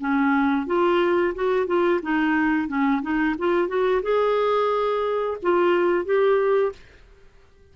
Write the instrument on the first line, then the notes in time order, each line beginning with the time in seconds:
clarinet
0.00 C#4
0.67 F4
1.35 F#4
1.67 F4
2.03 D#4
2.68 C#4
3.02 D#4
3.39 F4
3.69 F#4
4.03 G#4
5.43 F4
6.06 G4